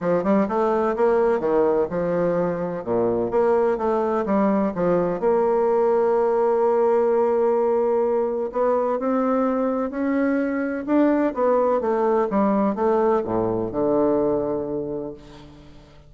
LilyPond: \new Staff \with { instrumentName = "bassoon" } { \time 4/4 \tempo 4 = 127 f8 g8 a4 ais4 dis4 | f2 ais,4 ais4 | a4 g4 f4 ais4~ | ais1~ |
ais2 b4 c'4~ | c'4 cis'2 d'4 | b4 a4 g4 a4 | a,4 d2. | }